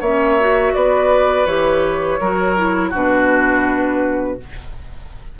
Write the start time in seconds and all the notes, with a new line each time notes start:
0.00 A#3 C#4 C#5 E5
0.40 F#4
0.74 B3 B4 D5
1.46 E3 G4 C#5
2.20 F#3 F#4 A#4
2.57 E4
2.90 B2 D4 F#4 B4